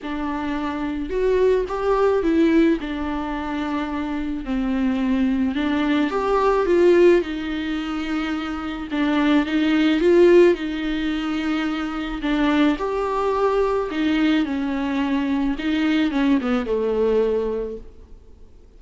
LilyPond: \new Staff \with { instrumentName = "viola" } { \time 4/4 \tempo 4 = 108 d'2 fis'4 g'4 | e'4 d'2. | c'2 d'4 g'4 | f'4 dis'2. |
d'4 dis'4 f'4 dis'4~ | dis'2 d'4 g'4~ | g'4 dis'4 cis'2 | dis'4 cis'8 b8 a2 | }